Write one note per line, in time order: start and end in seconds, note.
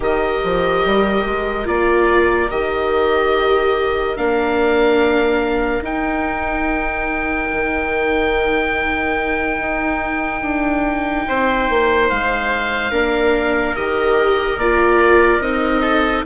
0.00 0.40 D#3
0.00 1.65 G4
0.00 11.28 A#4
0.00 1.67 D#5
0.43 0.85 F3
0.85 1.25 G3
1.25 1.66 G#3
1.65 2.50 A#3
1.65 2.48 F4
1.65 2.50 D5
2.50 4.17 D#3
2.50 4.16 G4
2.50 4.16 D#5
4.16 5.80 A#3
4.16 5.83 D4
4.16 5.83 F5
5.80 7.47 D#4
5.80 12.91 D#4
5.80 12.09 G5
7.52 9.59 D#3
9.59 10.41 D#4
10.41 11.24 D4
11.28 11.69 C4
11.28 12.91 C5
11.69 12.10 A#3
12.09 12.91 G#3
12.09 13.75 F5
12.91 13.74 A#3
12.91 13.75 D4
12.91 15.81 A#4
13.75 14.57 D#3
13.75 14.59 G4
13.75 14.58 D#5
14.57 15.39 A#3
14.57 15.41 F4
14.57 15.41 D5
15.39 16.22 C4
15.39 16.25 D#4
15.39 16.24 D#5
15.81 16.23 A4